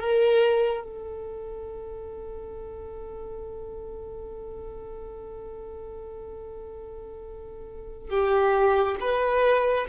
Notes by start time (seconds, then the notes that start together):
0.00 A#4
0.83 A4
8.09 G4
9.00 B4